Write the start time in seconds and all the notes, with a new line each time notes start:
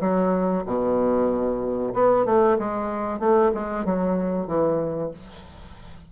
0.00 F#3
0.66 B2
1.94 B3
2.25 A3
2.59 G#3
3.19 A3
3.54 G#3
3.85 F#3
4.47 E3